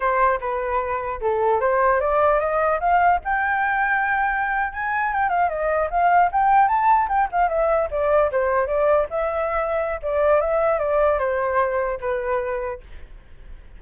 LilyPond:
\new Staff \with { instrumentName = "flute" } { \time 4/4 \tempo 4 = 150 c''4 b'2 a'4 | c''4 d''4 dis''4 f''4 | g''2.~ g''8. gis''16~ | gis''8. g''8 f''8 dis''4 f''4 g''16~ |
g''8. a''4 g''8 f''8 e''4 d''16~ | d''8. c''4 d''4 e''4~ e''16~ | e''4 d''4 e''4 d''4 | c''2 b'2 | }